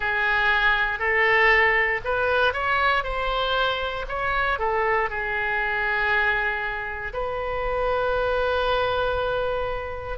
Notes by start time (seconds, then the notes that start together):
0.00 G#4
0.99 A4
2.04 B4
2.53 C#5
3.03 C5
4.08 C#5
4.58 A4
5.09 G#4
7.13 B4